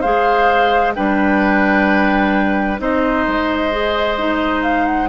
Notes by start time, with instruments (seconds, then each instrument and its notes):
0.00 bassoon G#3, clarinet G#4, oboe C5, flute F5
0.94 bassoon G3, clarinet D4, oboe B4, flute G5
2.79 bassoon C4, clarinet D#4, oboe C5, flute D#5
3.27 bassoon G#3
3.71 clarinet G#4
4.17 clarinet D#4
4.62 flute F5
4.85 flute F#5